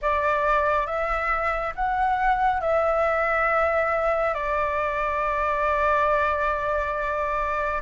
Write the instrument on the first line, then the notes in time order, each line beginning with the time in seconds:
flute
0.01 D5
0.86 E5
1.75 F#5
2.60 E5
4.34 D5